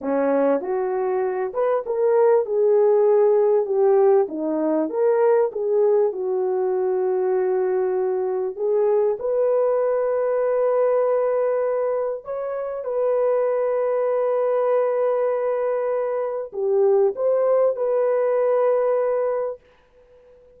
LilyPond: \new Staff \with { instrumentName = "horn" } { \time 4/4 \tempo 4 = 98 cis'4 fis'4. b'8 ais'4 | gis'2 g'4 dis'4 | ais'4 gis'4 fis'2~ | fis'2 gis'4 b'4~ |
b'1 | cis''4 b'2.~ | b'2. g'4 | c''4 b'2. | }